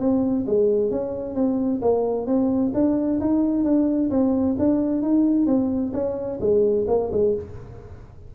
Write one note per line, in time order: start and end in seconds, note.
0.00 0.46 C4
0.47 0.91 G#3
0.91 1.35 C#4
1.35 1.81 C4
1.82 2.27 A#3
2.27 2.72 C4
2.74 3.20 D4
3.21 3.64 D#4
3.64 4.10 D4
4.10 4.56 C4
4.59 5.02 D4
5.02 5.47 D#4
5.47 5.93 C4
5.94 6.39 C#4
6.40 6.86 G#3
6.88 7.11 A#3
7.12 7.35 G#3